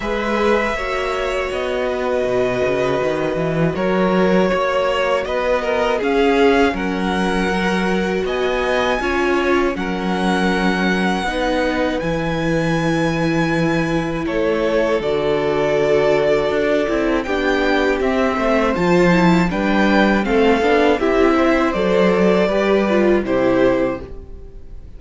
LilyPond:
<<
  \new Staff \with { instrumentName = "violin" } { \time 4/4 \tempo 4 = 80 e''2 dis''2~ | dis''4 cis''2 dis''4 | f''4 fis''2 gis''4~ | gis''4 fis''2. |
gis''2. cis''4 | d''2. g''4 | e''4 a''4 g''4 f''4 | e''4 d''2 c''4 | }
  \new Staff \with { instrumentName = "violin" } { \time 4/4 b'4 cis''4. b'4.~ | b'4 ais'4 cis''4 b'8 ais'8 | gis'4 ais'2 dis''4 | cis''4 ais'2 b'4~ |
b'2. a'4~ | a'2. g'4~ | g'8 c''4. b'4 a'4 | g'8 c''4. b'4 g'4 | }
  \new Staff \with { instrumentName = "viola" } { \time 4/4 gis'4 fis'2.~ | fis'1 | cis'2 fis'2 | f'4 cis'2 dis'4 |
e'1 | fis'2~ fis'8 e'8 d'4 | c'4 f'8 e'8 d'4 c'8 d'8 | e'4 a'4 g'8 f'8 e'4 | }
  \new Staff \with { instrumentName = "cello" } { \time 4/4 gis4 ais4 b4 b,8 cis8 | dis8 e8 fis4 ais4 b4 | cis'4 fis2 b4 | cis'4 fis2 b4 |
e2. a4 | d2 d'8 c'8 b4 | c'8 a8 f4 g4 a8 b8 | c'4 fis4 g4 c4 | }
>>